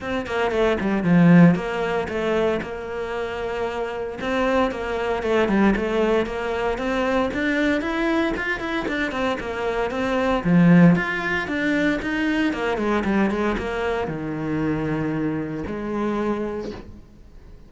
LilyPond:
\new Staff \with { instrumentName = "cello" } { \time 4/4 \tempo 4 = 115 c'8 ais8 a8 g8 f4 ais4 | a4 ais2. | c'4 ais4 a8 g8 a4 | ais4 c'4 d'4 e'4 |
f'8 e'8 d'8 c'8 ais4 c'4 | f4 f'4 d'4 dis'4 | ais8 gis8 g8 gis8 ais4 dis4~ | dis2 gis2 | }